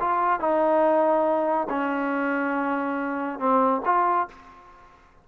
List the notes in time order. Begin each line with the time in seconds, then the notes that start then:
0.00 F4
0.40 D#4
1.69 C#4
3.39 C4
3.86 F4